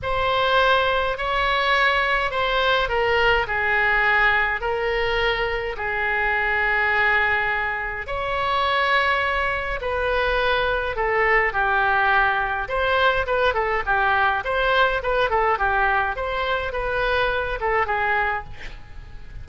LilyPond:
\new Staff \with { instrumentName = "oboe" } { \time 4/4 \tempo 4 = 104 c''2 cis''2 | c''4 ais'4 gis'2 | ais'2 gis'2~ | gis'2 cis''2~ |
cis''4 b'2 a'4 | g'2 c''4 b'8 a'8 | g'4 c''4 b'8 a'8 g'4 | c''4 b'4. a'8 gis'4 | }